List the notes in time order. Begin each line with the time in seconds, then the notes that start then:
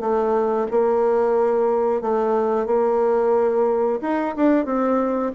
0.00 A3
0.71 A#3
2.02 A3
2.66 A#3
4.02 D#4
4.36 D4
4.65 C4